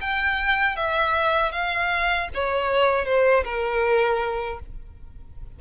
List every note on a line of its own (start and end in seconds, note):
0.00 0.76 G5
0.76 1.51 E5
1.51 2.28 F5
2.34 3.05 C#5
3.05 3.43 C5
3.44 4.59 A#4